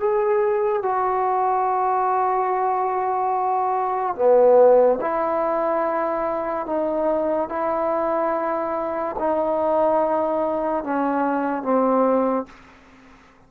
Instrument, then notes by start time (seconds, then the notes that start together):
trombone
0.00 G#4
0.83 F#4
4.16 B3
5.01 E4
6.66 D#4
7.49 E4
9.19 D#4
10.84 C#4
11.63 C4